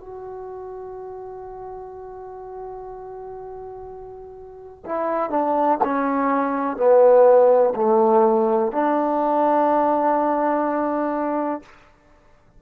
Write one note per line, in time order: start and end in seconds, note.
0.00 4.84 F#4
4.86 5.30 E4
5.30 5.78 D4
5.84 6.77 C#4
6.77 7.74 B3
7.75 8.72 A3
8.72 11.62 D4